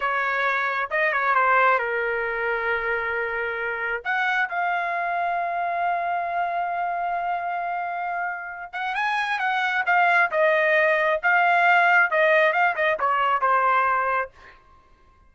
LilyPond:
\new Staff \with { instrumentName = "trumpet" } { \time 4/4 \tempo 4 = 134 cis''2 dis''8 cis''8 c''4 | ais'1~ | ais'4 fis''4 f''2~ | f''1~ |
f''2.~ f''8 fis''8 | gis''4 fis''4 f''4 dis''4~ | dis''4 f''2 dis''4 | f''8 dis''8 cis''4 c''2 | }